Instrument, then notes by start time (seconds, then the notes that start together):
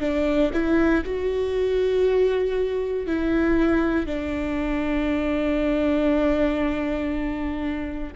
viola
0.00 D4
0.53 E4
1.04 F#4
3.07 E4
4.06 D4